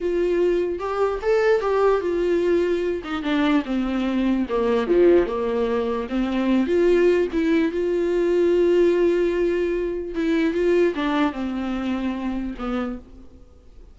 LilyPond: \new Staff \with { instrumentName = "viola" } { \time 4/4 \tempo 4 = 148 f'2 g'4 a'4 | g'4 f'2~ f'8 dis'8 | d'4 c'2 ais4 | f4 ais2 c'4~ |
c'8 f'4. e'4 f'4~ | f'1~ | f'4 e'4 f'4 d'4 | c'2. b4 | }